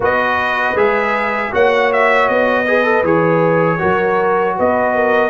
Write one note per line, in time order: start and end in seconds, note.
0.00 0.74 B3
0.00 0.76 F#4
0.00 1.52 B4
0.00 0.77 D#5
0.75 1.51 G#3
0.75 1.52 G#4
0.75 1.53 E5
1.52 2.29 A#3
1.52 2.66 F#4
1.52 2.66 C#5
1.52 1.92 F#5
1.92 2.28 E5
2.28 3.03 B3
2.28 3.04 D#5
2.67 2.84 G#4
2.67 3.79 B4
2.84 3.03 A4
3.03 3.79 E3
3.03 3.78 G#4
3.03 4.57 C#5
3.78 4.58 F#3
3.78 5.29 F#4
3.78 4.55 A#4
4.56 5.29 B3
4.56 4.94 B4
4.56 5.29 D#5
4.94 5.29 A#4